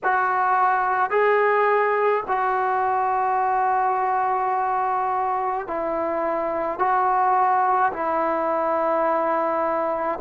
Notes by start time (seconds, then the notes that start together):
0.03 F#4
1.10 G#4
2.27 F#4
5.67 E4
6.78 F#4
7.92 E4